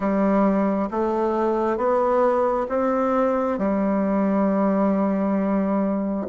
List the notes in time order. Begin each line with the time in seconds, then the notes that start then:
0.00 G3
0.90 A3
1.77 B3
2.69 C4
3.58 G3